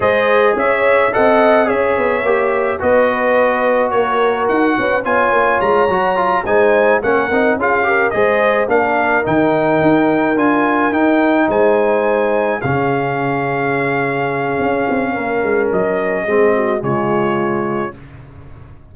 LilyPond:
<<
  \new Staff \with { instrumentName = "trumpet" } { \time 4/4 \tempo 4 = 107 dis''4 e''4 fis''4 e''4~ | e''4 dis''2 cis''4 | fis''4 gis''4 ais''4. gis''8~ | gis''8 fis''4 f''4 dis''4 f''8~ |
f''8 g''2 gis''4 g''8~ | g''8 gis''2 f''4.~ | f''1 | dis''2 cis''2 | }
  \new Staff \with { instrumentName = "horn" } { \time 4/4 c''4 cis''4 dis''4 cis''4~ | cis''4 b'2 ais'4~ | ais'8 b'8 cis''2~ cis''8 c''8~ | c''8 ais'4 gis'8 ais'8 c''4 ais'8~ |
ais'1~ | ais'8 c''2 gis'4.~ | gis'2. ais'4~ | ais'4 gis'8 fis'8 f'2 | }
  \new Staff \with { instrumentName = "trombone" } { \time 4/4 gis'2 a'4 gis'4 | g'4 fis'2.~ | fis'4 f'4. fis'8 f'8 dis'8~ | dis'8 cis'8 dis'8 f'8 g'8 gis'4 d'8~ |
d'8 dis'2 f'4 dis'8~ | dis'2~ dis'8 cis'4.~ | cis'1~ | cis'4 c'4 gis2 | }
  \new Staff \with { instrumentName = "tuba" } { \time 4/4 gis4 cis'4 c'4 cis'8 b8 | ais4 b2 ais4 | dis'8 cis'8 b8 ais8 gis8 fis4 gis8~ | gis8 ais8 c'8 cis'4 gis4 ais8~ |
ais8 dis4 dis'4 d'4 dis'8~ | dis'8 gis2 cis4.~ | cis2 cis'8 c'8 ais8 gis8 | fis4 gis4 cis2 | }
>>